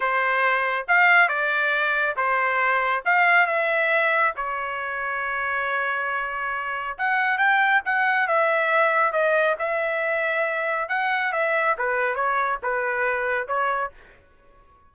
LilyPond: \new Staff \with { instrumentName = "trumpet" } { \time 4/4 \tempo 4 = 138 c''2 f''4 d''4~ | d''4 c''2 f''4 | e''2 cis''2~ | cis''1 |
fis''4 g''4 fis''4 e''4~ | e''4 dis''4 e''2~ | e''4 fis''4 e''4 b'4 | cis''4 b'2 cis''4 | }